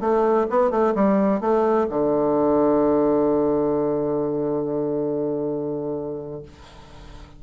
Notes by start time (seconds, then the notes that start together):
0.00 A3
0.49 B3
0.70 A3
0.95 G3
1.40 A3
1.89 D3